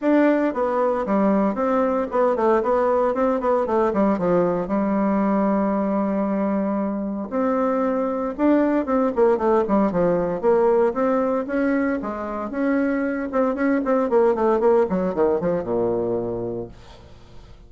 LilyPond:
\new Staff \with { instrumentName = "bassoon" } { \time 4/4 \tempo 4 = 115 d'4 b4 g4 c'4 | b8 a8 b4 c'8 b8 a8 g8 | f4 g2.~ | g2 c'2 |
d'4 c'8 ais8 a8 g8 f4 | ais4 c'4 cis'4 gis4 | cis'4. c'8 cis'8 c'8 ais8 a8 | ais8 fis8 dis8 f8 ais,2 | }